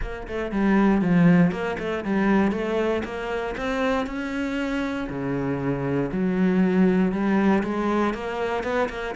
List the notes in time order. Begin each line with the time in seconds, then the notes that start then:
0.01 A#3
0.27 A3
0.51 G3
1.01 F3
1.51 A#3
1.79 A3
2.04 G3
2.51 A3
3.04 A#3
3.57 C4
4.06 C#4
5.09 C#3
6.11 F#3
7.12 G3
7.63 G#3
8.14 A#3
8.63 B3
8.89 A#3